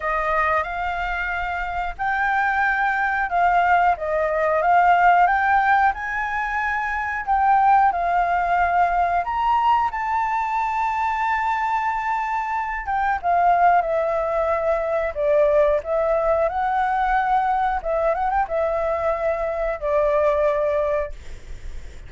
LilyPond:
\new Staff \with { instrumentName = "flute" } { \time 4/4 \tempo 4 = 91 dis''4 f''2 g''4~ | g''4 f''4 dis''4 f''4 | g''4 gis''2 g''4 | f''2 ais''4 a''4~ |
a''2.~ a''8 g''8 | f''4 e''2 d''4 | e''4 fis''2 e''8 fis''16 g''16 | e''2 d''2 | }